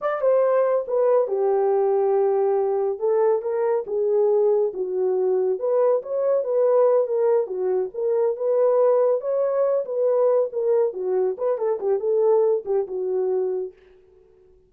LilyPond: \new Staff \with { instrumentName = "horn" } { \time 4/4 \tempo 4 = 140 d''8 c''4. b'4 g'4~ | g'2. a'4 | ais'4 gis'2 fis'4~ | fis'4 b'4 cis''4 b'4~ |
b'8 ais'4 fis'4 ais'4 b'8~ | b'4. cis''4. b'4~ | b'8 ais'4 fis'4 b'8 a'8 g'8 | a'4. g'8 fis'2 | }